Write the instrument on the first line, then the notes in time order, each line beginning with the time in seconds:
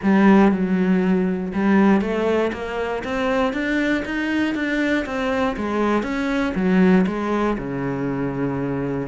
cello
0.03 G3
0.51 F#3
1.53 G3
2.01 A3
2.52 A#3
3.04 C4
3.53 D4
4.05 D#4
4.54 D4
5.05 C4
5.56 G#3
6.02 C#4
6.55 F#3
7.06 G#3
7.58 C#3